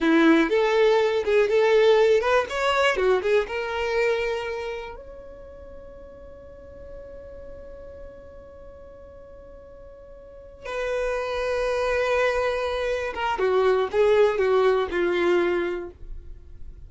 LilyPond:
\new Staff \with { instrumentName = "violin" } { \time 4/4 \tempo 4 = 121 e'4 a'4. gis'8 a'4~ | a'8 b'8 cis''4 fis'8 gis'8 ais'4~ | ais'2 cis''2~ | cis''1~ |
cis''1~ | cis''4. b'2~ b'8~ | b'2~ b'8 ais'8 fis'4 | gis'4 fis'4 f'2 | }